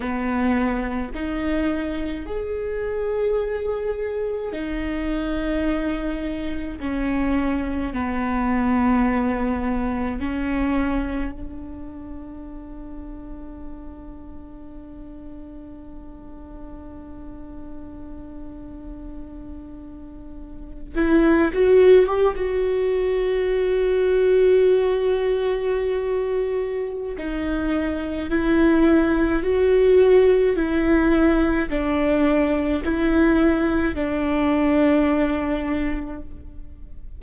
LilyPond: \new Staff \with { instrumentName = "viola" } { \time 4/4 \tempo 4 = 53 b4 dis'4 gis'2 | dis'2 cis'4 b4~ | b4 cis'4 d'2~ | d'1~ |
d'2~ d'8 e'8 fis'8 g'16 fis'16~ | fis'1 | dis'4 e'4 fis'4 e'4 | d'4 e'4 d'2 | }